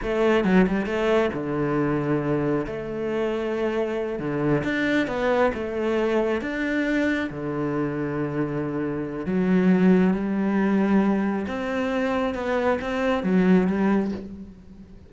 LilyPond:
\new Staff \with { instrumentName = "cello" } { \time 4/4 \tempo 4 = 136 a4 fis8 g8 a4 d4~ | d2 a2~ | a4. d4 d'4 b8~ | b8 a2 d'4.~ |
d'8 d2.~ d8~ | d4 fis2 g4~ | g2 c'2 | b4 c'4 fis4 g4 | }